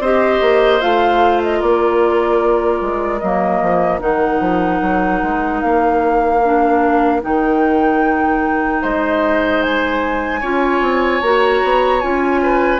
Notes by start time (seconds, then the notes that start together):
0.00 C4 G4 C5 D#5
0.41 A#3
0.81 A3 F4 F5
1.43 D#5
1.59 A#3 A#4 D5
2.81 G#3
3.20 F#3 A#3 D#5
3.62 F3
4.00 D#3 D#4 F#5
4.40 F3
4.82 F#3
5.23 G#3
5.61 A#3 F5
6.45 D4
7.22 D#3 D#4 G5
8.82 G#3 C5 D#5
9.62 G#5
10.41 C#4 F4 C#5
10.81 C4
11.22 A#3 F#4 A#5
11.64 B3
12.01 C#4 F4 G#5
12.43 B4